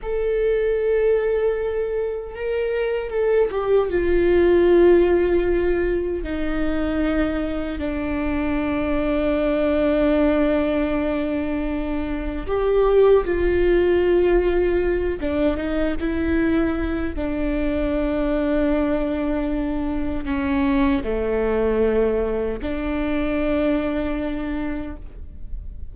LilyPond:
\new Staff \with { instrumentName = "viola" } { \time 4/4 \tempo 4 = 77 a'2. ais'4 | a'8 g'8 f'2. | dis'2 d'2~ | d'1 |
g'4 f'2~ f'8 d'8 | dis'8 e'4. d'2~ | d'2 cis'4 a4~ | a4 d'2. | }